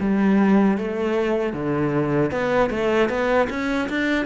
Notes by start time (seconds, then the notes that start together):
0.00 G3
0.78 A3
1.53 D3
2.31 B3
2.70 A3
3.09 B3
3.50 C#4
3.89 D4